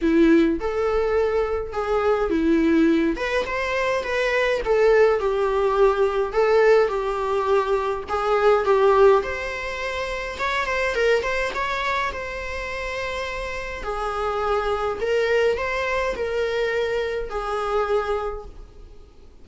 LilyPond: \new Staff \with { instrumentName = "viola" } { \time 4/4 \tempo 4 = 104 e'4 a'2 gis'4 | e'4. b'8 c''4 b'4 | a'4 g'2 a'4 | g'2 gis'4 g'4 |
c''2 cis''8 c''8 ais'8 c''8 | cis''4 c''2. | gis'2 ais'4 c''4 | ais'2 gis'2 | }